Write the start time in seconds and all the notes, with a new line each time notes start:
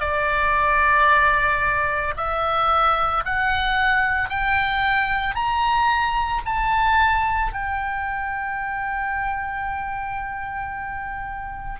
0.00 D5
2.17 E5
3.25 F#5
4.30 G5
5.35 A#5
6.46 A5
7.53 G5